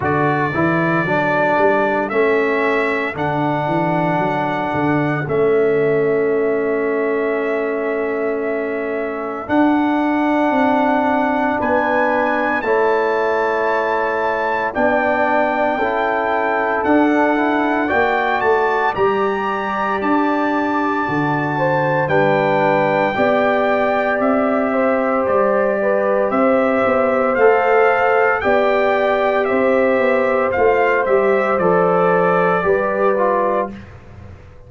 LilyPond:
<<
  \new Staff \with { instrumentName = "trumpet" } { \time 4/4 \tempo 4 = 57 d''2 e''4 fis''4~ | fis''4 e''2.~ | e''4 fis''2 gis''4 | a''2 g''2 |
fis''4 g''8 a''8 ais''4 a''4~ | a''4 g''2 e''4 | d''4 e''4 f''4 g''4 | e''4 f''8 e''8 d''2 | }
  \new Staff \with { instrumentName = "horn" } { \time 4/4 a'1~ | a'1~ | a'2. b'4 | cis''2 d''4 a'4~ |
a'4 d''2.~ | d''8 c''8 b'4 d''4. c''8~ | c''8 b'8 c''2 d''4 | c''2. b'4 | }
  \new Staff \with { instrumentName = "trombone" } { \time 4/4 fis'8 e'8 d'4 cis'4 d'4~ | d'4 cis'2.~ | cis'4 d'2. | e'2 d'4 e'4 |
d'8 e'8 fis'4 g'2 | fis'4 d'4 g'2~ | g'2 a'4 g'4~ | g'4 f'8 g'8 a'4 g'8 f'8 | }
  \new Staff \with { instrumentName = "tuba" } { \time 4/4 d8 e8 fis8 g8 a4 d8 e8 | fis8 d8 a2.~ | a4 d'4 c'4 b4 | a2 b4 cis'4 |
d'4 ais8 a8 g4 d'4 | d4 g4 b4 c'4 | g4 c'8 b8 a4 b4 | c'8 b8 a8 g8 f4 g4 | }
>>